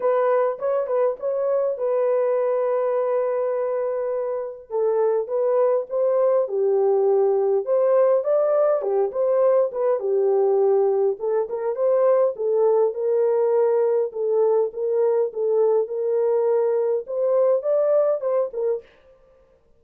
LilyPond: \new Staff \with { instrumentName = "horn" } { \time 4/4 \tempo 4 = 102 b'4 cis''8 b'8 cis''4 b'4~ | b'1 | a'4 b'4 c''4 g'4~ | g'4 c''4 d''4 g'8 c''8~ |
c''8 b'8 g'2 a'8 ais'8 | c''4 a'4 ais'2 | a'4 ais'4 a'4 ais'4~ | ais'4 c''4 d''4 c''8 ais'8 | }